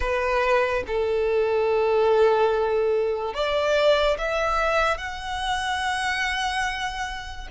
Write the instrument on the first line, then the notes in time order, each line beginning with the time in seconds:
violin
0.00 B4
0.87 A4
3.33 D5
4.17 E5
4.97 F#5